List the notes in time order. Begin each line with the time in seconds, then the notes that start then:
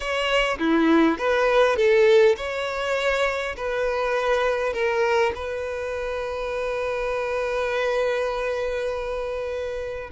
0.00 C#5
0.58 E4
1.17 B4
1.76 A4
2.37 C#5
3.56 B4
4.73 A#4
5.35 B4